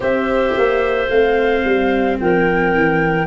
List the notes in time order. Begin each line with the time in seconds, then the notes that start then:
0.00 C4 G4 C5 E5
0.57 A#3
1.09 A3 C4 F5
1.65 G3
2.19 F3 A#4 G5
2.74 E3